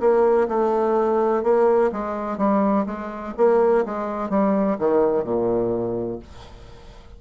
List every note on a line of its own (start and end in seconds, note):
0.00 0.48 A#3
0.48 1.43 A3
1.43 1.91 A#3
1.92 2.37 G#3
2.37 2.85 G3
2.86 3.33 G#3
3.37 3.84 A#3
3.85 4.29 G#3
4.29 4.77 G3
4.78 5.24 D#3
5.24 6.19 A#2